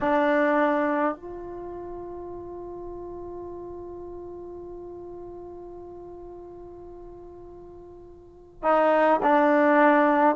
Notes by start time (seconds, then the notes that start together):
0.01 D4
1.15 F4
8.62 D#4
9.23 D4